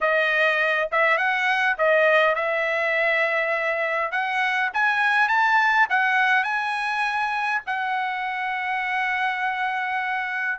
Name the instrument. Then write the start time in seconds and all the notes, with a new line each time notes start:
trumpet
0.00 D#5
0.91 E5
1.17 F#5
1.78 D#5
2.35 E5
4.11 F#5
4.73 G#5
5.28 A5
5.89 F#5
6.43 G#5
7.66 F#5